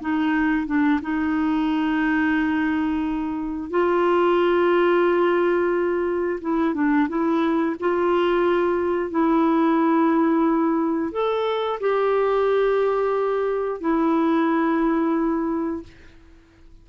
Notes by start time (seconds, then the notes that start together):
0.00 D#4
0.66 D4
1.01 D#4
3.70 F4
6.41 E4
6.74 D4
7.08 E4
7.80 F4
9.10 E4
11.11 A4
11.80 G4
13.80 E4